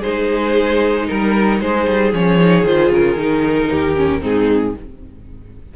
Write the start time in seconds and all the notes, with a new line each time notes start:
0.00 G#3 D#4 G#4 C5
1.07 G3 A#4
1.60 G#3 G#4 C5
1.87 G3
2.12 F3 C#4 C#5
2.40 D#4
2.64 D#3 F4 C5
2.91 C#3 A#4
3.16 D#3 D#4
3.70 D#2 G4
3.96 C#4
4.21 G#2 C4 D#4 G#4